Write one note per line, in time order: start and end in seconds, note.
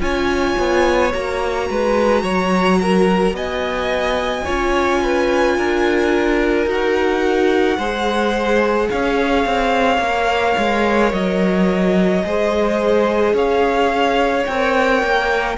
0.00 0.56 C#4
0.00 1.12 F4
0.00 1.69 C#5
0.00 1.12 G#5
0.58 1.14 B3
1.12 1.70 A#3
1.12 4.46 F#4
1.12 3.36 A#5
1.70 2.23 G#3
1.70 2.23 B4
2.23 3.32 F#3
2.23 2.78 C#5
2.81 3.35 A#4
3.32 4.43 B3
3.32 4.45 D#5
3.32 6.69 G#5
4.45 5.58 C#4
4.45 6.66 F4
4.45 5.00 C#5
5.03 5.57 B4
5.57 6.66 D4
5.57 7.77 A#4
6.66 7.77 D#4
6.66 7.77 F#4
6.66 8.90 F#5
7.77 8.88 G#3
7.77 10.02 G#4
7.77 8.88 C5
8.90 9.45 C#4
8.90 12.24 C#5
8.90 11.12 F5
9.45 9.98 C4
9.98 10.54 A#3
9.98 12.23 A#4
10.58 11.12 G#3
11.12 12.23 F#3
11.12 13.35 D#5
12.23 13.33 G#3
12.23 14.45 G#4
12.23 13.34 C5
13.33 14.44 C#4
13.33 15.56 C#5
13.33 14.46 F5
14.46 15.03 C4
14.46 15.58 A#4
14.46 15.57 G5
15.03 15.58 A#3